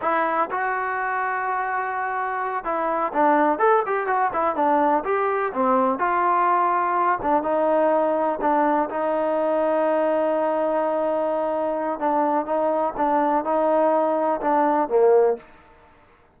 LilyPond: \new Staff \with { instrumentName = "trombone" } { \time 4/4 \tempo 4 = 125 e'4 fis'2.~ | fis'4. e'4 d'4 a'8 | g'8 fis'8 e'8 d'4 g'4 c'8~ | c'8 f'2~ f'8 d'8 dis'8~ |
dis'4. d'4 dis'4.~ | dis'1~ | dis'4 d'4 dis'4 d'4 | dis'2 d'4 ais4 | }